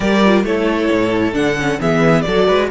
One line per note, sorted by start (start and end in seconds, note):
0.00 0.43 G3
0.00 0.21 G4
0.00 0.45 A#4
0.00 0.42 D5
0.25 0.45 F4
0.43 0.88 A3
0.43 1.33 E4
0.43 1.80 A4
0.43 1.34 C#5
0.91 1.33 A2
1.33 1.78 D3
1.33 1.55 D4
1.33 1.79 F#5
1.58 1.80 C#4
1.80 2.25 E3
1.80 2.25 B3
1.80 2.25 G#4
1.80 2.21 E5
2.21 2.48 F#3
2.21 2.70 F#4
2.21 2.47 A4
2.21 2.66 D5
2.47 2.71 G#3
2.47 2.69 B4